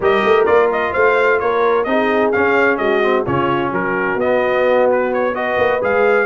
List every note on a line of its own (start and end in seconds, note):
0.00 0.23 G3
0.00 0.46 G4
0.00 0.92 A#4
0.00 0.45 D#5
0.23 0.46 A3
0.45 0.94 A#3
0.45 1.85 F4
0.45 0.68 D5
0.71 0.93 D#5
0.92 1.41 A3
0.92 1.38 C5
0.92 1.39 F5
1.39 1.85 A#3
1.39 1.87 A#4
1.39 1.84 C#5
1.84 2.32 C4
1.84 2.33 D#4
1.84 2.79 G#4
1.84 2.30 D#5
2.32 3.02 C#4
2.32 2.78 C#4
2.32 2.77 F5
2.77 3.25 G#3
2.77 3.24 F#4
2.77 3.23 D#5
3.02 3.25 C4
3.24 3.72 C#3
3.24 4.19 C#4
3.24 3.71 F4
3.24 3.72 C#5
3.72 4.15 F#3
3.72 5.34 F#4
3.72 4.20 A#4
4.15 5.54 B3
4.15 5.34 B3
4.15 4.89 D#5
4.91 5.13 B4
5.13 5.34 C#5
5.34 5.81 F#4
5.34 6.26 B4
5.34 5.81 D#5
5.57 5.81 A#3
5.81 6.26 G#3
5.81 6.26 G#4
5.81 6.26 F5